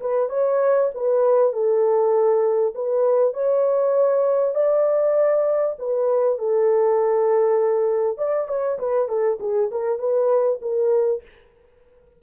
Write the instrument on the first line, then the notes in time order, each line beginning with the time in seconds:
horn
0.00 B4
0.29 C#5
0.94 B4
1.53 A4
2.74 B4
3.33 C#5
4.54 D5
5.78 B4
6.38 A4
8.17 D5
8.48 C#5
8.79 B4
9.08 A4
9.40 G#4
9.71 A#4
9.99 B4
10.61 A#4